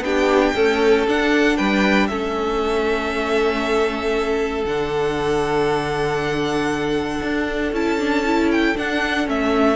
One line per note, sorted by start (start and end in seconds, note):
0.00 0.51 B3
0.00 0.55 D4
0.00 0.55 G4
0.00 1.06 G5
0.55 1.06 A3
0.55 1.07 C#4
0.55 1.57 A4
1.07 1.58 D4
1.07 2.10 D4
1.07 1.57 F#5
1.57 2.09 G3
1.57 2.08 B4
1.57 2.07 G5
2.07 4.65 A3
2.07 4.66 C#4
2.07 9.76 A4
2.07 4.63 E5
4.65 7.21 D3
4.65 7.74 D4
4.65 7.74 F#5
7.22 7.72 D4
7.72 8.75 C#4
7.72 7.98 E4
7.72 8.51 A5
7.98 8.24 D4
8.24 8.75 E4
8.51 8.77 G5
8.76 9.26 D4
8.76 9.28 D4
8.76 9.28 F#5
9.26 9.76 A3
9.26 9.76 C#4
9.26 9.76 E5